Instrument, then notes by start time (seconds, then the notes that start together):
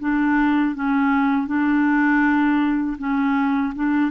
clarinet
0.00 D4
0.75 C#4
1.47 D4
2.99 C#4
3.75 D4